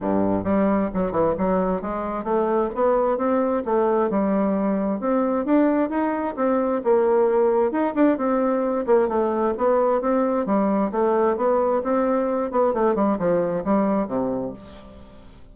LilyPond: \new Staff \with { instrumentName = "bassoon" } { \time 4/4 \tempo 4 = 132 g,4 g4 fis8 e8 fis4 | gis4 a4 b4 c'4 | a4 g2 c'4 | d'4 dis'4 c'4 ais4~ |
ais4 dis'8 d'8 c'4. ais8 | a4 b4 c'4 g4 | a4 b4 c'4. b8 | a8 g8 f4 g4 c4 | }